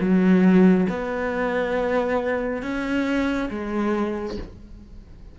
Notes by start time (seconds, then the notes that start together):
0.00 F#3
0.89 B3
2.62 C#4
3.50 G#3